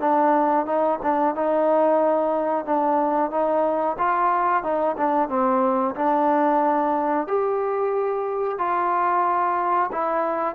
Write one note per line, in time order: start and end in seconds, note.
0.00 0.66 D4
0.66 0.99 D#4
1.02 1.35 D4
1.35 2.65 D#4
2.65 3.31 D4
3.31 3.97 D#4
3.98 4.63 F4
4.63 4.96 D#4
4.97 5.29 D4
5.29 5.95 C4
5.95 7.27 D4
7.27 8.58 G4
8.58 9.90 F4
9.92 10.55 E4